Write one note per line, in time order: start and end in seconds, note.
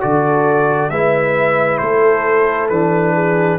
0.00 0.90 D3
0.00 0.90 F#4
0.00 0.91 A4
0.00 0.90 D5
0.90 1.80 G#3
0.90 2.71 E4
0.90 1.80 B4
0.90 1.78 E5
1.78 2.70 A3
1.78 3.14 A4
1.78 2.67 C5
2.69 3.58 E3
2.69 3.58 D4
2.69 3.58 B4
3.14 3.58 G#4